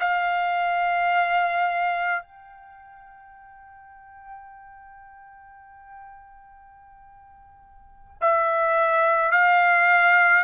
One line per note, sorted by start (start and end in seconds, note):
0.00 2.23 F5
2.23 8.17 G5
8.21 9.31 E5
9.31 10.44 F5